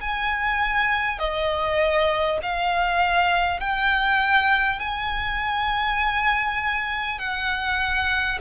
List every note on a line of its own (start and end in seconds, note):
0.00 1.18 G#5
1.18 2.38 D#5
2.42 3.60 F5
3.60 4.79 G5
4.79 7.18 G#5
7.18 8.38 F#5